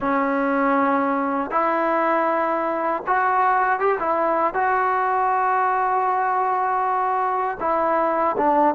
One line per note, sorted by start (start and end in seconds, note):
0.00 1.51 C#4
1.51 3.02 E4
3.06 3.79 F#4
3.79 3.98 G4
3.99 4.54 E4
4.54 7.57 F#4
7.59 8.35 E4
8.37 8.74 D4